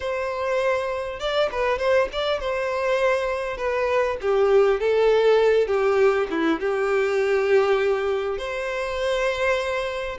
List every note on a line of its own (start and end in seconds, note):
0.00 1.19 C5
1.19 1.49 D5
1.51 1.78 B4
1.78 2.08 C5
2.12 2.40 D5
2.40 3.57 C5
3.57 4.17 B4
4.21 4.79 G4
4.79 5.67 A4
5.67 6.27 G4
6.30 6.59 E4
6.59 8.38 G4
8.38 10.18 C5